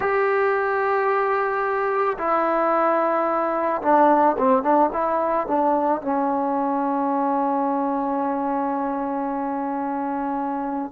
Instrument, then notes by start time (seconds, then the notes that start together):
trombone
0.00 G4
2.18 E4
3.82 D4
4.38 C4
4.62 D4
4.92 E4
5.47 D4
6.01 C#4